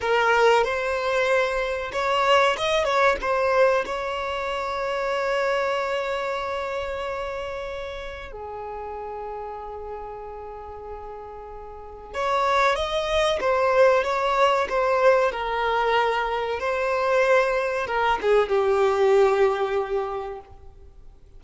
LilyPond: \new Staff \with { instrumentName = "violin" } { \time 4/4 \tempo 4 = 94 ais'4 c''2 cis''4 | dis''8 cis''8 c''4 cis''2~ | cis''1~ | cis''4 gis'2.~ |
gis'2. cis''4 | dis''4 c''4 cis''4 c''4 | ais'2 c''2 | ais'8 gis'8 g'2. | }